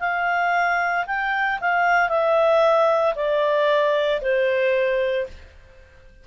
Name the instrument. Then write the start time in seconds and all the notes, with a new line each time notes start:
clarinet
0.00 F5
1.07 G5
1.61 F5
2.10 E5
3.16 D5
4.22 C5